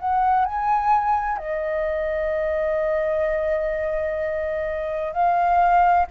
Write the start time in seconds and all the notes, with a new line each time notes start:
0.00 F#5
0.46 G#5
1.38 D#5
5.13 F5